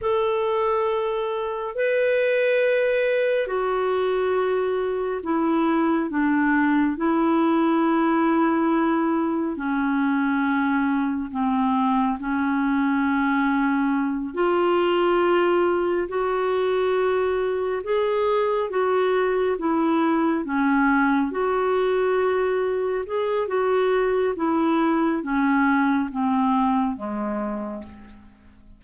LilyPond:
\new Staff \with { instrumentName = "clarinet" } { \time 4/4 \tempo 4 = 69 a'2 b'2 | fis'2 e'4 d'4 | e'2. cis'4~ | cis'4 c'4 cis'2~ |
cis'8 f'2 fis'4.~ | fis'8 gis'4 fis'4 e'4 cis'8~ | cis'8 fis'2 gis'8 fis'4 | e'4 cis'4 c'4 gis4 | }